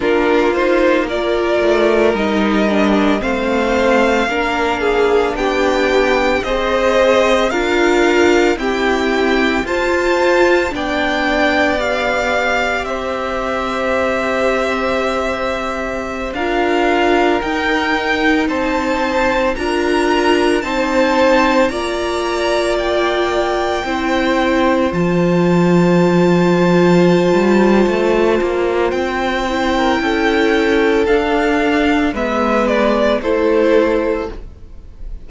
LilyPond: <<
  \new Staff \with { instrumentName = "violin" } { \time 4/4 \tempo 4 = 56 ais'8 c''8 d''4 dis''4 f''4~ | f''4 g''4 dis''4 f''4 | g''4 a''4 g''4 f''4 | e''2.~ e''16 f''8.~ |
f''16 g''4 a''4 ais''4 a''8.~ | a''16 ais''4 g''2 a''8.~ | a''2. g''4~ | g''4 f''4 e''8 d''8 c''4 | }
  \new Staff \with { instrumentName = "violin" } { \time 4/4 f'4 ais'2 c''4 | ais'8 gis'8 g'4 c''4 ais'4 | g'4 c''4 d''2 | c''2.~ c''16 ais'8.~ |
ais'4~ ais'16 c''4 ais'4 c''8.~ | c''16 d''2 c''4.~ c''16~ | c''2.~ c''8. ais'16 | a'2 b'4 a'4 | }
  \new Staff \with { instrumentName = "viola" } { \time 4/4 d'8 dis'8 f'4 dis'8 d'8 c'4 | d'2 gis'4 f'4 | c'4 f'4 d'4 g'4~ | g'2.~ g'16 f'8.~ |
f'16 dis'2 f'4 dis'8.~ | dis'16 f'2 e'4 f'8.~ | f'2.~ f'8 e'8~ | e'4 d'4 b4 e'4 | }
  \new Staff \with { instrumentName = "cello" } { \time 4/4 ais4. a8 g4 a4 | ais4 b4 c'4 d'4 | e'4 f'4 b2 | c'2.~ c'16 d'8.~ |
d'16 dis'4 c'4 d'4 c'8.~ | c'16 ais2 c'4 f8.~ | f4. g8 a8 ais8 c'4 | cis'4 d'4 gis4 a4 | }
>>